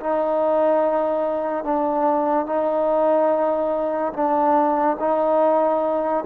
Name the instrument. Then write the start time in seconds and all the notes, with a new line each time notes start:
trombone
0.00 D#4
1.64 D4
2.46 D#4
4.13 D4
5.00 D#4